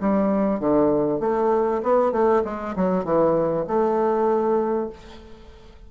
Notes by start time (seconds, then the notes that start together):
0.00 G3
0.59 D3
1.20 A3
1.83 B3
2.12 A3
2.44 G#3
2.76 F#3
3.04 E3
3.67 A3